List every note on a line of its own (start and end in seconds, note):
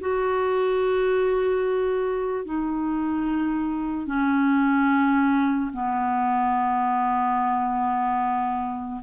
0.00 2.45 F#4
2.45 4.06 D#4
4.06 5.71 C#4
5.73 9.01 B3